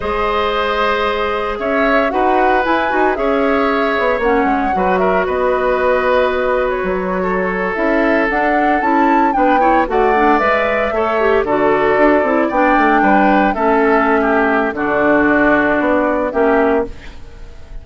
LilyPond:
<<
  \new Staff \with { instrumentName = "flute" } { \time 4/4 \tempo 4 = 114 dis''2. e''4 | fis''4 gis''4 e''2 | fis''4. e''8 dis''2~ | dis''8. cis''2 e''4 fis''16~ |
fis''8. a''4 g''4 fis''4 e''16~ | e''4.~ e''16 d''2 g''16~ | g''4.~ g''16 e''2~ e''16 | d''2. e''4 | }
  \new Staff \with { instrumentName = "oboe" } { \time 4/4 c''2. cis''4 | b'2 cis''2~ | cis''4 b'8 ais'8 b'2~ | b'4.~ b'16 a'2~ a'16~ |
a'4.~ a'16 b'8 cis''8 d''4~ d''16~ | d''8. cis''4 a'2 d''16~ | d''8. b'4 a'4~ a'16 g'4 | fis'2. g'4 | }
  \new Staff \with { instrumentName = "clarinet" } { \time 4/4 gis'1 | fis'4 e'8 fis'8 gis'2 | cis'4 fis'2.~ | fis'2~ fis'8. e'4 d'16~ |
d'8. e'4 d'8 e'8 fis'8 d'8 b'16~ | b'8. a'8 g'8 fis'4. e'8 d'16~ | d'4.~ d'16 cis'2~ cis'16 | d'2. cis'4 | }
  \new Staff \with { instrumentName = "bassoon" } { \time 4/4 gis2. cis'4 | dis'4 e'8 dis'8 cis'4. b8 | ais8 gis8 fis4 b2~ | b4 fis4.~ fis16 cis'4 d'16~ |
d'8. cis'4 b4 a4 gis16~ | gis8. a4 d4 d'8 c'8 b16~ | b16 a8 g4 a2~ a16 | d2 b4 ais4 | }
>>